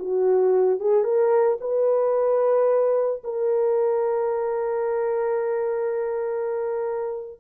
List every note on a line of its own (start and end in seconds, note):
0.00 0.80 F#4
0.80 1.04 G#4
1.04 1.58 A#4
1.61 3.23 B4
3.24 7.40 A#4